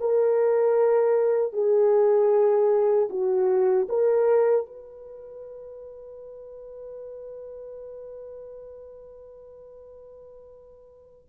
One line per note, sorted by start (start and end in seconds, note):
0.00 1.53 A#4
1.53 3.09 G#4
3.10 3.87 F#4
3.89 4.66 A#4
4.66 11.28 B4